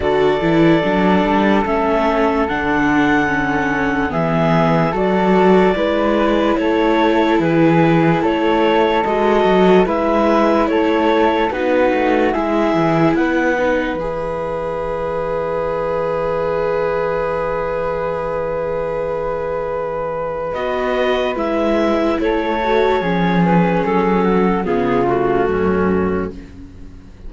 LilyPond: <<
  \new Staff \with { instrumentName = "clarinet" } { \time 4/4 \tempo 4 = 73 d''2 e''4 fis''4~ | fis''4 e''4 d''2 | cis''4 b'4 cis''4 dis''4 | e''4 cis''4 b'4 e''4 |
fis''4 e''2.~ | e''1~ | e''4 dis''4 e''4 cis''4~ | cis''8 b'8 a'4 gis'8 fis'4. | }
  \new Staff \with { instrumentName = "flute" } { \time 4/4 a'1~ | a'4 gis'4 a'4 b'4 | a'4 gis'4 a'2 | b'4 a'4 fis'4 gis'4 |
b'1~ | b'1~ | b'2. a'4 | gis'4. fis'8 f'4 cis'4 | }
  \new Staff \with { instrumentName = "viola" } { \time 4/4 fis'8 e'8 d'4 cis'4 d'4 | cis'4 b4 fis'4 e'4~ | e'2. fis'4 | e'2 dis'4 e'4~ |
e'8 dis'8 gis'2.~ | gis'1~ | gis'4 fis'4 e'4. fis'8 | cis'2 b8 a4. | }
  \new Staff \with { instrumentName = "cello" } { \time 4/4 d8 e8 fis8 g8 a4 d4~ | d4 e4 fis4 gis4 | a4 e4 a4 gis8 fis8 | gis4 a4 b8 a8 gis8 e8 |
b4 e2.~ | e1~ | e4 b4 gis4 a4 | f4 fis4 cis4 fis,4 | }
>>